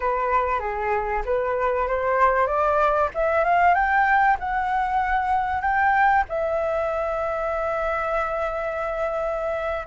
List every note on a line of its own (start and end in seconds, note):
0.00 0.59 B4
0.59 1.22 G#4
1.25 1.87 B4
1.87 2.46 C5
2.46 3.09 D5
3.14 3.44 E5
3.44 3.74 F5
3.74 4.36 G5
4.39 5.61 F#5
5.61 6.24 G5
6.28 9.86 E5